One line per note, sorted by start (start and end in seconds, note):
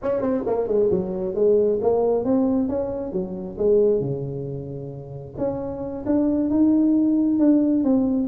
0.02 0.21 C#4
0.21 0.43 C4
0.46 0.67 A#3
0.67 0.90 G#3
0.90 1.35 F#3
1.35 1.79 G#3
1.81 2.24 A#3
2.24 2.68 C4
2.68 3.12 C#4
3.12 3.57 F#3
3.57 4.00 G#3
4.00 5.34 C#3
5.37 6.04 C#4
6.05 6.49 D4
6.49 7.39 D#4
7.39 7.84 D4
7.84 8.28 C4